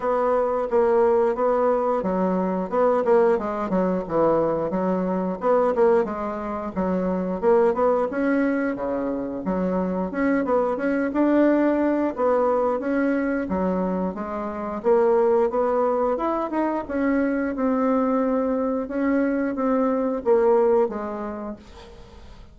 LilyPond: \new Staff \with { instrumentName = "bassoon" } { \time 4/4 \tempo 4 = 89 b4 ais4 b4 fis4 | b8 ais8 gis8 fis8 e4 fis4 | b8 ais8 gis4 fis4 ais8 b8 | cis'4 cis4 fis4 cis'8 b8 |
cis'8 d'4. b4 cis'4 | fis4 gis4 ais4 b4 | e'8 dis'8 cis'4 c'2 | cis'4 c'4 ais4 gis4 | }